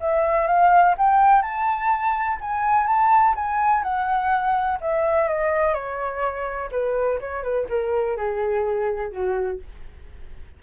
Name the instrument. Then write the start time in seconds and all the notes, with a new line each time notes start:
flute
0.00 E5
0.47 F5
0.98 G5
1.42 A5
2.40 G#5
2.86 A5
3.35 G#5
3.83 F#5
4.80 E5
5.28 D#5
5.74 C#5
6.71 B4
7.20 C#5
7.43 B4
7.68 A#4
8.17 G#4
9.11 F#4